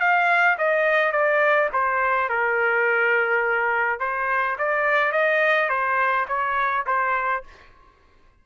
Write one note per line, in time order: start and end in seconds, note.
0.00 0.57 F5
0.58 1.12 D#5
1.12 1.69 D5
1.73 2.30 C5
2.30 4.00 A#4
4.00 4.57 C5
4.59 5.12 D5
5.12 5.69 D#5
5.69 6.26 C5
6.28 6.85 C#5
6.86 7.44 C5